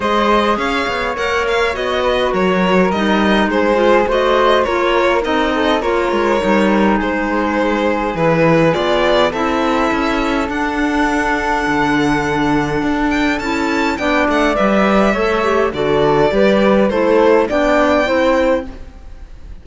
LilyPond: <<
  \new Staff \with { instrumentName = "violin" } { \time 4/4 \tempo 4 = 103 dis''4 f''4 fis''8 f''8 dis''4 | cis''4 dis''4 c''4 dis''4 | cis''4 dis''4 cis''2 | c''2 b'4 d''4 |
e''2 fis''2~ | fis''2~ fis''8 g''8 a''4 | g''8 fis''8 e''2 d''4~ | d''4 c''4 g''2 | }
  \new Staff \with { instrumentName = "flute" } { \time 4/4 c''4 cis''2~ cis''8 b'8 | ais'2 gis'4 c''4 | ais'4. a'8 ais'2 | gis'1 |
a'1~ | a'1 | d''2 cis''4 a'4 | b'4 a'4 d''4 c''4 | }
  \new Staff \with { instrumentName = "clarinet" } { \time 4/4 gis'2 ais'4 fis'4~ | fis'4 dis'4. f'8 fis'4 | f'4 dis'4 f'4 dis'4~ | dis'2 e'4 f'4 |
e'2 d'2~ | d'2. e'4 | d'4 b'4 a'8 g'8 fis'4 | g'4 e'4 d'4 e'4 | }
  \new Staff \with { instrumentName = "cello" } { \time 4/4 gis4 cis'8 b8 ais4 b4 | fis4 g4 gis4 a4 | ais4 c'4 ais8 gis8 g4 | gis2 e4 b4 |
c'4 cis'4 d'2 | d2 d'4 cis'4 | b8 a8 g4 a4 d4 | g4 a4 b4 c'4 | }
>>